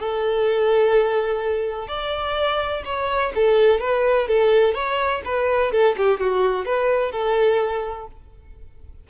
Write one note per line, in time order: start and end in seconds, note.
0.00 1.88 A4
1.88 2.83 D5
2.85 3.33 C#5
3.35 3.80 A4
3.80 4.28 B4
4.28 4.74 A4
4.74 5.22 C#5
5.26 5.72 B4
5.72 5.96 A4
5.97 6.20 G4
6.20 6.66 F#4
6.66 7.12 B4
7.12 8.07 A4